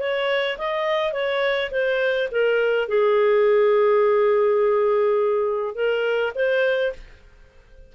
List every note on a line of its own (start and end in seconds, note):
0.00 0.58 C#5
0.58 1.13 D#5
1.13 1.71 C#5
1.71 2.29 C5
2.32 2.88 A#4
2.88 5.75 G#4
5.75 6.33 A#4
6.35 6.93 C5